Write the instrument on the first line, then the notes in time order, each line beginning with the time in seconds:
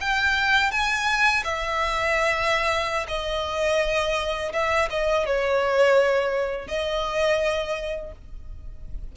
violin
0.00 G5
0.71 G#5
1.44 E5
3.08 D#5
4.52 E5
4.90 D#5
5.26 C#5
6.67 D#5